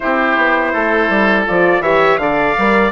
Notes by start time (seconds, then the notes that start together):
0.00 C4 E4 G4 C5
0.36 B3
0.72 A3 A4
1.09 G3
1.46 F3 F4 D5
1.80 E3 G4 C#5 E5
2.17 D3 A4 D5 F5
2.58 G3 A#4